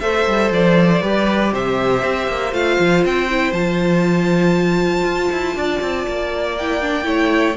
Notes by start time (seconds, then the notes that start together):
0.00 A3 A4 C5 E5
0.26 G3
0.51 F3 D5
1.01 G3 G4 B4
1.53 C3 C5 E5
2.02 C4
2.27 A#3
2.52 A3 F4 F5
2.79 F3
3.04 C4 G5
3.30 E4
3.52 F3 F4 A5
5.04 F4
5.32 E4
5.55 D4 D5
5.81 C4
6.07 A#3
6.58 E4 G5
6.81 D4
7.03 A3 E4 C#5